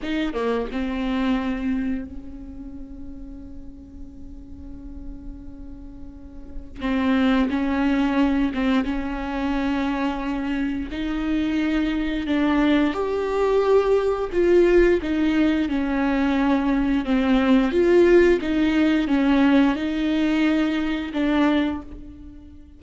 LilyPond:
\new Staff \with { instrumentName = "viola" } { \time 4/4 \tempo 4 = 88 dis'8 ais8 c'2 cis'4~ | cis'1~ | cis'2 c'4 cis'4~ | cis'8 c'8 cis'2. |
dis'2 d'4 g'4~ | g'4 f'4 dis'4 cis'4~ | cis'4 c'4 f'4 dis'4 | cis'4 dis'2 d'4 | }